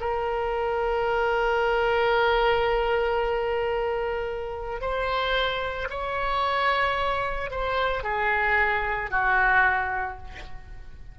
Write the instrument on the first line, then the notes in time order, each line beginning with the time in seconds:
oboe
0.00 A#4
4.81 C5
5.90 C#5
7.51 C5
8.03 G#4
9.11 F#4